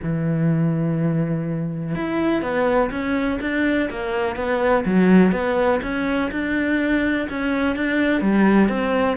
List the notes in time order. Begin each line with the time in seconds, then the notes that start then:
0.02 E3
1.95 E4
2.41 B3
2.90 C#4
3.40 D4
3.90 A#3
4.35 B3
4.85 F#3
5.32 B3
5.82 C#4
6.31 D4
7.29 C#4
7.76 D4
8.21 G3
8.69 C4